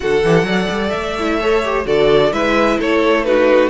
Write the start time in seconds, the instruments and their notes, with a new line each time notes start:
0.00 cello D3, viola F#4, violin A4 F#5
0.24 cello E3, viola G4
0.42 cello F#3, viola A4, violin D5
0.70 cello G3
0.89 cello A3, violin E5
1.18 viola E4
1.39 viola A4, violin C#5
1.64 viola G4
1.85 cello D3, viola F#4, violin A4 D5
2.32 cello G#3, viola E4, violin B4 E5
2.78 cello A3, violin A4 C#5
3.24 viola D#4, violin F#4 B4